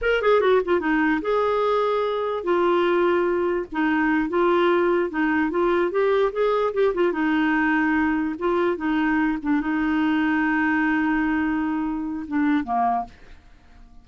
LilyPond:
\new Staff \with { instrumentName = "clarinet" } { \time 4/4 \tempo 4 = 147 ais'8 gis'8 fis'8 f'8 dis'4 gis'4~ | gis'2 f'2~ | f'4 dis'4. f'4.~ | f'8 dis'4 f'4 g'4 gis'8~ |
gis'8 g'8 f'8 dis'2~ dis'8~ | dis'8 f'4 dis'4. d'8 dis'8~ | dis'1~ | dis'2 d'4 ais4 | }